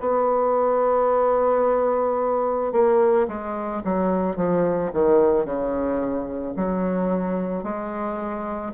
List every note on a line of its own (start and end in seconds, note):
0.00 2.72 B3
2.72 3.27 A#3
3.27 3.82 G#3
3.84 4.36 F#3
4.36 4.91 F3
4.93 5.45 D#3
5.45 6.54 C#3
6.56 7.64 F#3
7.64 8.73 G#3